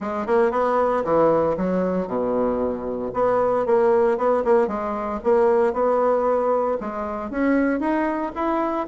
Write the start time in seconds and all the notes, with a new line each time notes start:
0.00 G#3
0.26 A#3
0.51 B3
1.04 E3
1.57 F#3
2.07 B2
3.13 B3
3.66 A#3
4.17 B3
4.44 A#3
4.67 G#3
5.23 A#3
5.73 B3
6.80 G#3
7.30 C#4
7.80 D#4
8.35 E4